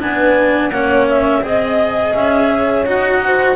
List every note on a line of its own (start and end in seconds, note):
0.00 0.70 B3
0.00 0.71 D4
0.00 0.72 B4
0.00 0.70 G#5
0.70 1.42 A#3
0.70 1.42 C#4
0.70 1.43 C#5
0.70 1.06 F#5
1.09 1.44 E5
1.42 2.13 C4
1.42 2.85 G#4
1.42 2.49 D#5
1.42 2.14 D#5
2.14 2.86 C#4
2.14 2.86 E5
2.49 3.21 C#5
2.86 3.56 D#4
2.86 3.56 F#4
2.86 3.56 F#5
3.25 3.56 C5